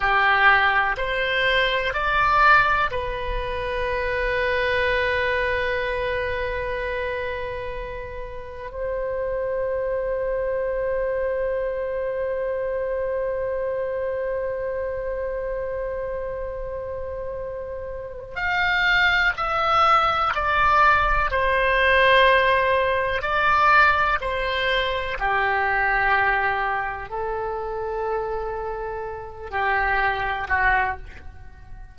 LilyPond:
\new Staff \with { instrumentName = "oboe" } { \time 4/4 \tempo 4 = 62 g'4 c''4 d''4 b'4~ | b'1~ | b'4 c''2.~ | c''1~ |
c''2. f''4 | e''4 d''4 c''2 | d''4 c''4 g'2 | a'2~ a'8 g'4 fis'8 | }